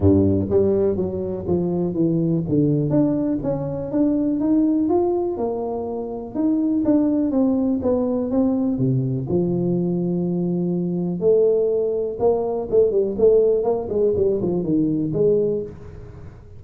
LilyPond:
\new Staff \with { instrumentName = "tuba" } { \time 4/4 \tempo 4 = 123 g,4 g4 fis4 f4 | e4 d4 d'4 cis'4 | d'4 dis'4 f'4 ais4~ | ais4 dis'4 d'4 c'4 |
b4 c'4 c4 f4~ | f2. a4~ | a4 ais4 a8 g8 a4 | ais8 gis8 g8 f8 dis4 gis4 | }